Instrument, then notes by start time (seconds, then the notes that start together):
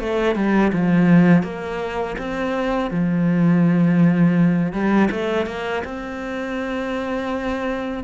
cello
0.00 A3
0.36 G3
0.73 F3
1.43 A#3
2.19 C4
2.91 F3
4.73 G3
5.11 A3
5.46 A#3
5.85 C4